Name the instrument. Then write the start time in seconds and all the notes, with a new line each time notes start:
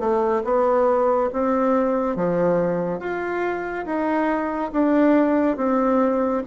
bassoon
0.00 A3
0.45 B3
1.33 C4
2.16 F3
3.00 F4
3.86 D#4
4.73 D4
5.57 C4